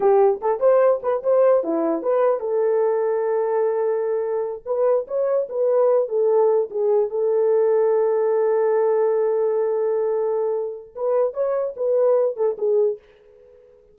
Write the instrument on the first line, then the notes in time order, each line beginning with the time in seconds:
horn
0.00 G4
0.41 A4
0.60 C5
1.02 B4
1.23 C5
1.63 E4
2.02 B4
2.40 A4
4.65 B4
5.07 C#5
5.49 B4
6.08 A4
6.70 G#4
7.09 A4
10.95 B4
11.33 C#5
11.76 B4
12.36 A4
12.57 G#4